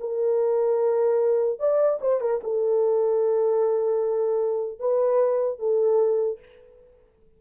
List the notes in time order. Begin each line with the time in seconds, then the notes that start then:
0.00 A#4
1.59 D5
2.01 C5
2.20 A#4
2.43 A4
4.79 B4
5.59 A4